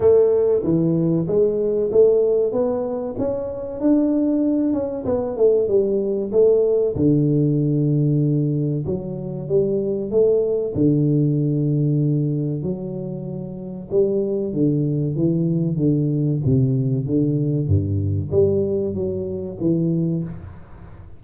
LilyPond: \new Staff \with { instrumentName = "tuba" } { \time 4/4 \tempo 4 = 95 a4 e4 gis4 a4 | b4 cis'4 d'4. cis'8 | b8 a8 g4 a4 d4~ | d2 fis4 g4 |
a4 d2. | fis2 g4 d4 | e4 d4 c4 d4 | g,4 g4 fis4 e4 | }